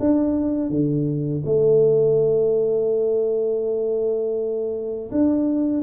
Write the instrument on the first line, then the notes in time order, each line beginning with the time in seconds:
tuba
0.00 D4
0.70 D3
1.45 A3
5.12 D4